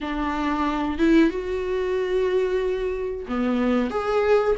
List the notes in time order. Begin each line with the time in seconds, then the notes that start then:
0.00 D4
0.98 E4
1.30 F#4
3.28 B3
3.90 G#4